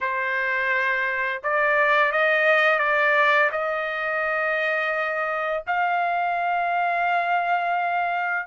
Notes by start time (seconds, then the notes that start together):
0.01 C5
1.43 D5
2.12 D#5
2.79 D5
3.51 D#5
5.66 F5